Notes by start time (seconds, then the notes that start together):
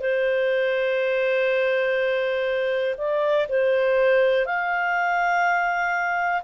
0.00 C5
2.97 D5
3.49 C5
4.45 F5